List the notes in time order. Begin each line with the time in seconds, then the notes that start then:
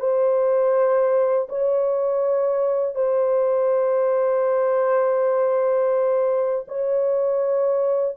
0.00 C5
1.49 C#5
2.95 C5
6.68 C#5